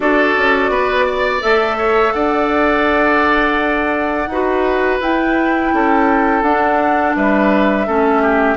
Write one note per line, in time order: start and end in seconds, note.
0.00 0.35 D4
0.00 1.40 F#4
0.00 0.70 A4
0.00 1.42 D5
0.37 0.69 C#4
0.69 1.40 B3
0.69 1.05 B4
1.05 1.77 D5
1.40 2.14 A3
1.40 4.26 A4
1.40 2.12 E5
1.77 2.13 C#5
2.12 4.27 D4
2.12 4.29 D5
2.12 4.98 F#5
4.27 4.98 D#4
4.27 5.01 F#4
4.27 5.74 B4
5.00 5.72 E4
5.00 6.44 E4
5.00 6.42 G5
5.73 6.42 C#4
5.73 7.16 A4
6.42 7.14 D4
6.42 7.87 D4
6.42 7.13 F#5
7.15 7.87 G3
7.15 7.86 B4
7.15 8.57 E5
7.86 8.57 A3
7.86 8.57 C#4
7.86 8.22 A4
8.22 8.57 G4